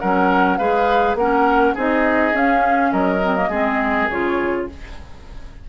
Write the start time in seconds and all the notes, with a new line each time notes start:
0.00 F#3 C#4 A#4 F#5
0.57 G#3 G#4 B4 F5
1.15 A#3 C#4 A#4 F#5
1.74 C4 D#4 G#4 D#5
2.33 C#4 F5
2.92 F#3 A#4 D#5
3.22 C4
3.36 A#3
3.49 G#3 C4 G#4
4.09 C#3 F4 C#5